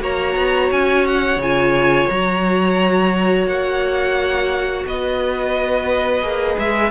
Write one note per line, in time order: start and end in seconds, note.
0.00 0.35 A#3
0.00 1.38 F#4
0.00 4.85 C#5
0.00 0.72 A#5
0.36 0.71 B3
0.71 1.36 C#4
0.71 1.06 G#5
1.07 1.41 F#5
1.36 2.05 C#3
1.36 2.09 G#5
1.43 2.12 F4
2.09 3.47 F#3
2.09 6.22 F#4
2.09 3.47 A#5
3.47 4.85 A#3
3.47 4.85 F#5
4.85 6.22 B3
4.85 6.91 B4
4.85 6.59 D#5
6.22 6.56 A#3
6.22 6.91 G#4
6.58 6.91 G#3
6.58 6.91 E5